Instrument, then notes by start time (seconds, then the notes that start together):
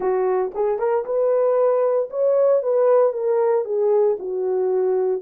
horn
0.00 F#4
0.54 G#4
0.78 A#4
1.05 B4
2.10 C#5
2.62 B4
3.12 A#4
3.65 G#4
4.19 F#4